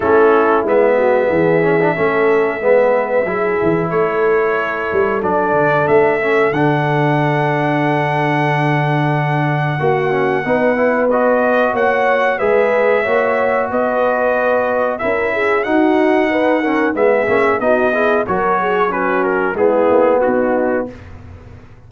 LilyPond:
<<
  \new Staff \with { instrumentName = "trumpet" } { \time 4/4 \tempo 4 = 92 a'4 e''2.~ | e''2 cis''2 | d''4 e''4 fis''2~ | fis''1~ |
fis''4 dis''4 fis''4 e''4~ | e''4 dis''2 e''4 | fis''2 e''4 dis''4 | cis''4 b'8 ais'8 gis'4 fis'4 | }
  \new Staff \with { instrumentName = "horn" } { \time 4/4 e'4. fis'8 gis'4 a'4 | b'4 gis'4 a'2~ | a'1~ | a'2. fis'4 |
b'2 cis''4 b'4 | cis''4 b'2 ais'8 gis'8 | fis'4 b'8 ais'8 gis'4 fis'8 gis'8 | ais'8 gis'8 fis'4 e'4 dis'4 | }
  \new Staff \with { instrumentName = "trombone" } { \time 4/4 cis'4 b4. cis'16 d'16 cis'4 | b4 e'2. | d'4. cis'8 d'2~ | d'2. fis'8 cis'8 |
dis'8 e'8 fis'2 gis'4 | fis'2. e'4 | dis'4. cis'8 b8 cis'8 dis'8 e'8 | fis'4 cis'4 b2 | }
  \new Staff \with { instrumentName = "tuba" } { \time 4/4 a4 gis4 e4 a4 | gis4 fis8 e8 a4. g8 | fis8 d8 a4 d2~ | d2. ais4 |
b2 ais4 gis4 | ais4 b2 cis'4 | dis'2 gis8 ais8 b4 | fis2 gis8 ais8 b4 | }
>>